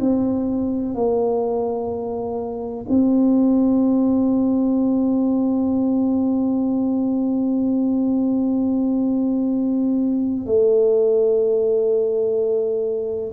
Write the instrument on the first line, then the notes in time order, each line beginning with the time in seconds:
tuba
0.00 C4
0.95 A#3
2.89 C4
10.46 A3